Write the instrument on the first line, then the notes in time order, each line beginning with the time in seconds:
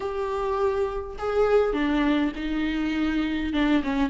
viola
0.00 G4
1.18 G#4
1.73 D4
2.35 D#4
3.53 D4
3.83 C#4